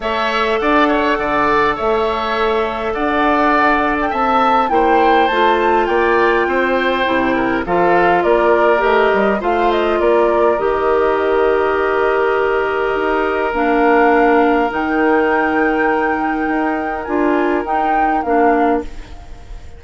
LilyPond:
<<
  \new Staff \with { instrumentName = "flute" } { \time 4/4 \tempo 4 = 102 e''4 fis''2 e''4~ | e''4 fis''4.~ fis''16 g''16 a''4 | g''4 a''4 g''2~ | g''4 f''4 d''4 dis''4 |
f''8 dis''8 d''4 dis''2~ | dis''2. f''4~ | f''4 g''2.~ | g''4 gis''4 g''4 f''4 | }
  \new Staff \with { instrumentName = "oboe" } { \time 4/4 cis''4 d''8 cis''8 d''4 cis''4~ | cis''4 d''2 e''4 | c''2 d''4 c''4~ | c''8 ais'8 a'4 ais'2 |
c''4 ais'2.~ | ais'1~ | ais'1~ | ais'1 | }
  \new Staff \with { instrumentName = "clarinet" } { \time 4/4 a'1~ | a'1 | e'4 f'2. | e'4 f'2 g'4 |
f'2 g'2~ | g'2. d'4~ | d'4 dis'2.~ | dis'4 f'4 dis'4 d'4 | }
  \new Staff \with { instrumentName = "bassoon" } { \time 4/4 a4 d'4 d4 a4~ | a4 d'2 c'4 | ais4 a4 ais4 c'4 | c4 f4 ais4 a8 g8 |
a4 ais4 dis2~ | dis2 dis'4 ais4~ | ais4 dis2. | dis'4 d'4 dis'4 ais4 | }
>>